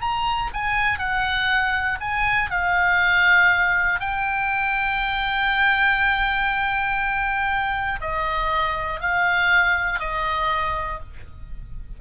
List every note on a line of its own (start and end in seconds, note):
0.00 0.50 A#5
0.53 0.99 G#5
0.99 1.99 F#5
2.00 2.50 G#5
2.50 4.00 F5
4.00 8.00 G5
8.00 9.00 D#5
9.00 9.99 F5
9.99 10.99 D#5